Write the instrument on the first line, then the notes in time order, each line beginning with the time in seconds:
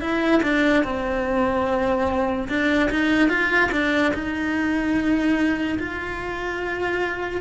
cello
0.00 E4
0.42 D4
0.83 C4
2.48 D4
2.90 D#4
3.29 F4
3.71 D4
4.14 D#4
5.78 F4